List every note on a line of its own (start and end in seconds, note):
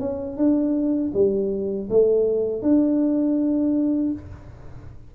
0.00 0.37 C#4
0.37 1.12 D4
1.14 1.89 G3
1.90 2.62 A3
2.62 4.12 D4